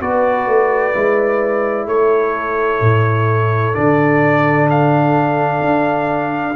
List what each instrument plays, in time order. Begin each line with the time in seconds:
0.00 tuba B3, trombone F#4, horn B4, trumpet D5
0.47 tuba A3
0.93 tuba G#3, trombone E4
1.86 tuba A3, horn A4, trumpet C#5
2.81 tuba A2
3.74 tuba D3, trombone D4, trumpet D5
4.70 trumpet F5
5.60 tuba D4